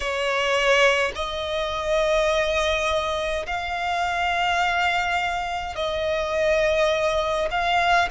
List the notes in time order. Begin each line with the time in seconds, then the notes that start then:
0.00 C#5
1.15 D#5
3.46 F5
5.75 D#5
7.50 F5